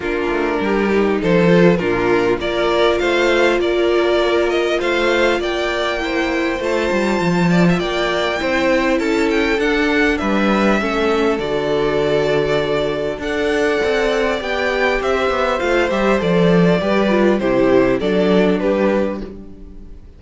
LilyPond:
<<
  \new Staff \with { instrumentName = "violin" } { \time 4/4 \tempo 4 = 100 ais'2 c''4 ais'4 | d''4 f''4 d''4. dis''8 | f''4 g''2 a''4~ | a''4 g''2 a''8 g''8 |
fis''4 e''2 d''4~ | d''2 fis''2 | g''4 e''4 f''8 e''8 d''4~ | d''4 c''4 d''4 b'4 | }
  \new Staff \with { instrumentName = "violin" } { \time 4/4 f'4 g'4 a'4 f'4 | ais'4 c''4 ais'2 | c''4 d''4 c''2~ | c''8 d''16 e''16 d''4 c''4 a'4~ |
a'4 b'4 a'2~ | a'2 d''2~ | d''4 c''2. | b'4 g'4 a'4 g'4 | }
  \new Staff \with { instrumentName = "viola" } { \time 4/4 d'4. dis'4 f'8 d'4 | f'1~ | f'2 e'4 f'4~ | f'2 e'2 |
d'2 cis'4 fis'4~ | fis'2 a'2 | g'2 f'8 g'8 a'4 | g'8 f'8 e'4 d'2 | }
  \new Staff \with { instrumentName = "cello" } { \time 4/4 ais8 a8 g4 f4 ais,4 | ais4 a4 ais2 | a4 ais2 a8 g8 | f4 ais4 c'4 cis'4 |
d'4 g4 a4 d4~ | d2 d'4 c'4 | b4 c'8 b8 a8 g8 f4 | g4 c4 fis4 g4 | }
>>